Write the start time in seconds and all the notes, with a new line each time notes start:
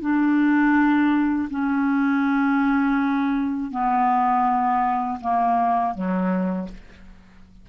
0.00 D4
1.50 C#4
3.71 B3
5.20 A#3
5.94 F#3